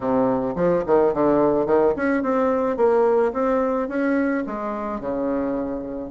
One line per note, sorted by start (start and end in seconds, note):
0.00 0.54 C3
0.55 0.83 F3
0.86 1.13 D#3
1.13 1.66 D3
1.66 1.93 D#3
1.95 2.22 C#4
2.22 2.76 C4
2.76 3.32 A#3
3.32 3.88 C4
3.88 4.43 C#4
4.46 5.00 G#3
5.00 6.10 C#3